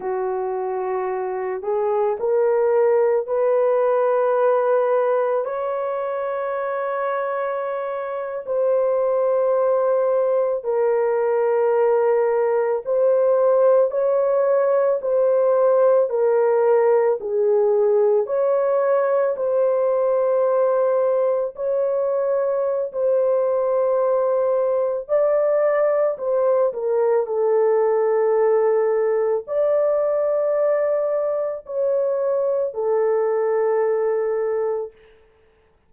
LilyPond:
\new Staff \with { instrumentName = "horn" } { \time 4/4 \tempo 4 = 55 fis'4. gis'8 ais'4 b'4~ | b'4 cis''2~ cis''8. c''16~ | c''4.~ c''16 ais'2 c''16~ | c''8. cis''4 c''4 ais'4 gis'16~ |
gis'8. cis''4 c''2 cis''16~ | cis''4 c''2 d''4 | c''8 ais'8 a'2 d''4~ | d''4 cis''4 a'2 | }